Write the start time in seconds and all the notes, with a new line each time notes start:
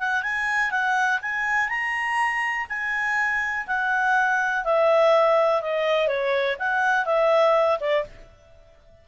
0.00 F#5
0.23 G#5
0.72 F#5
1.22 G#5
1.70 A#5
2.70 G#5
3.67 F#5
4.65 E5
5.62 D#5
6.08 C#5
6.60 F#5
7.06 E5
7.81 D5